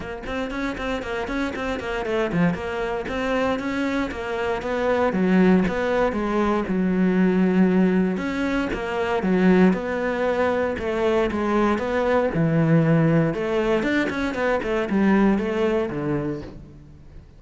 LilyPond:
\new Staff \with { instrumentName = "cello" } { \time 4/4 \tempo 4 = 117 ais8 c'8 cis'8 c'8 ais8 cis'8 c'8 ais8 | a8 f8 ais4 c'4 cis'4 | ais4 b4 fis4 b4 | gis4 fis2. |
cis'4 ais4 fis4 b4~ | b4 a4 gis4 b4 | e2 a4 d'8 cis'8 | b8 a8 g4 a4 d4 | }